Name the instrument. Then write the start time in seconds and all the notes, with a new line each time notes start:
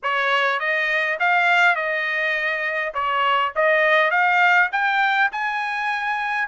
trumpet
0.02 C#5
0.59 D#5
1.19 F5
1.75 D#5
2.94 C#5
3.55 D#5
4.10 F5
4.71 G5
5.32 G#5